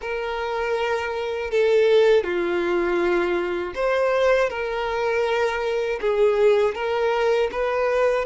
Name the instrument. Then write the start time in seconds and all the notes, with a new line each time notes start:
violin
0.01 A#4
1.50 A4
2.23 F4
3.75 C5
4.49 A#4
6.00 G#4
6.75 A#4
7.51 B4